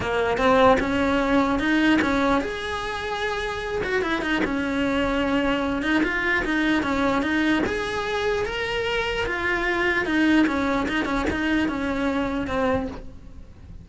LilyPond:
\new Staff \with { instrumentName = "cello" } { \time 4/4 \tempo 4 = 149 ais4 c'4 cis'2 | dis'4 cis'4 gis'2~ | gis'4. fis'8 e'8 dis'8 cis'4~ | cis'2~ cis'8 dis'8 f'4 |
dis'4 cis'4 dis'4 gis'4~ | gis'4 ais'2 f'4~ | f'4 dis'4 cis'4 dis'8 cis'8 | dis'4 cis'2 c'4 | }